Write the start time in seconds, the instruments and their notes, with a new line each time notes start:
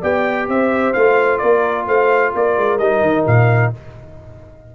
0.00 tuba B3, trombone G4, horn D5, trumpet G5
0.48 tuba C4, horn C5, trumpet E5
0.93 tuba A3, trombone F4, trumpet F5
1.38 tuba A#3, horn A#4, trumpet D5
1.86 tuba A3, horn C5, trumpet F5
2.34 tuba A#3, horn A#4, trumpet D5
2.57 tuba G#3
2.78 tuba G3, trombone D#4, trumpet D#5
3.02 tuba D#3
3.26 tuba A#2, trumpet F5